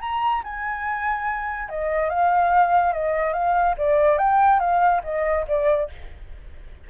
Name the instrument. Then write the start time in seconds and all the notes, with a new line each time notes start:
flute
0.00 A#5
0.43 G#5
1.69 D#5
2.09 F5
2.93 D#5
3.33 F5
3.77 D5
4.18 G5
4.59 F5
5.03 D#5
5.47 D5